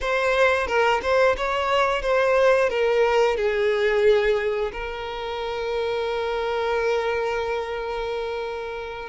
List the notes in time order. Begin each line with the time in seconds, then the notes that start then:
0.00 C5
0.67 A#4
1.02 C5
1.36 C#5
2.02 C5
2.69 A#4
3.36 G#4
4.72 A#4